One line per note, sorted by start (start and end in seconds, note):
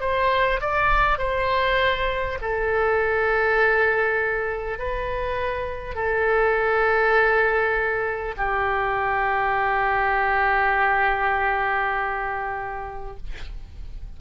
0.00 0.60 C5
0.61 1.18 D5
1.18 2.38 C5
2.42 4.79 A4
4.79 5.95 B4
5.95 8.35 A4
8.37 13.17 G4